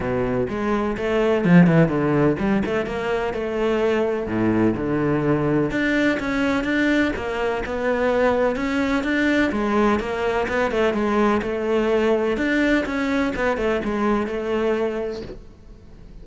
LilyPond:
\new Staff \with { instrumentName = "cello" } { \time 4/4 \tempo 4 = 126 b,4 gis4 a4 f8 e8 | d4 g8 a8 ais4 a4~ | a4 a,4 d2 | d'4 cis'4 d'4 ais4 |
b2 cis'4 d'4 | gis4 ais4 b8 a8 gis4 | a2 d'4 cis'4 | b8 a8 gis4 a2 | }